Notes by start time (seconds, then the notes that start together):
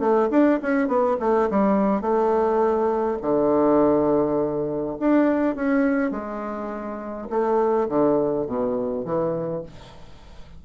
0.00 A3
0.30 D4
0.62 C#4
0.88 B3
1.20 A3
1.50 G3
2.02 A3
3.22 D3
5.00 D4
5.56 C#4
6.11 G#3
7.30 A3
7.89 D3
8.47 B2
9.05 E3